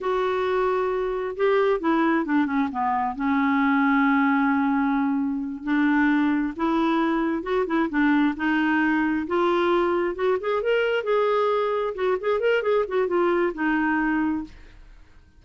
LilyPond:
\new Staff \with { instrumentName = "clarinet" } { \time 4/4 \tempo 4 = 133 fis'2. g'4 | e'4 d'8 cis'8 b4 cis'4~ | cis'1~ | cis'8 d'2 e'4.~ |
e'8 fis'8 e'8 d'4 dis'4.~ | dis'8 f'2 fis'8 gis'8 ais'8~ | ais'8 gis'2 fis'8 gis'8 ais'8 | gis'8 fis'8 f'4 dis'2 | }